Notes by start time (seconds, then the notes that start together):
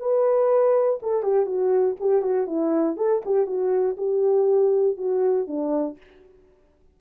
0.00 B4
1.03 A4
1.23 G4
1.46 F#4
2.00 G4
2.23 F#4
2.48 E4
2.97 A4
3.26 G4
3.47 F#4
3.97 G4
4.98 F#4
5.47 D4